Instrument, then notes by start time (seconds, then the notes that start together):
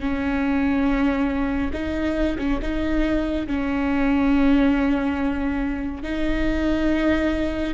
viola
0.00 C#4
1.73 D#4
2.38 C#4
2.62 D#4
3.47 C#4
6.03 D#4